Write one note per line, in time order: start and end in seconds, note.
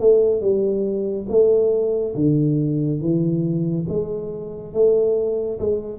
0.00 0.41 A3
0.41 1.27 G3
1.29 2.15 A3
2.15 3.01 D3
3.01 3.86 E3
3.89 4.74 G#3
4.74 5.59 A3
5.59 5.99 G#3